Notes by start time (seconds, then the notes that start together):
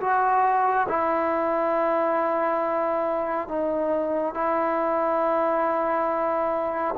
0.00 F#4
0.88 E4
3.48 D#4
4.34 E4